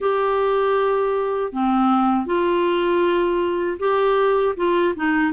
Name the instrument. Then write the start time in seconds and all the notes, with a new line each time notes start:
clarinet
0.00 G4
1.52 C4
2.25 F4
3.79 G4
4.56 F4
4.95 D#4